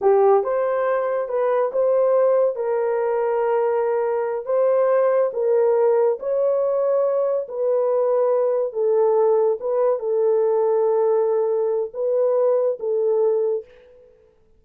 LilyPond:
\new Staff \with { instrumentName = "horn" } { \time 4/4 \tempo 4 = 141 g'4 c''2 b'4 | c''2 ais'2~ | ais'2~ ais'8 c''4.~ | c''8 ais'2 cis''4.~ |
cis''4. b'2~ b'8~ | b'8 a'2 b'4 a'8~ | a'1 | b'2 a'2 | }